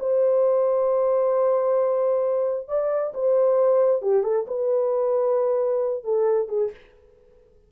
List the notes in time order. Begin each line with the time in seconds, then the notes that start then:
0.00 C5
2.68 D5
3.15 C5
4.03 G4
4.24 A4
4.48 B4
6.04 A4
6.49 G#4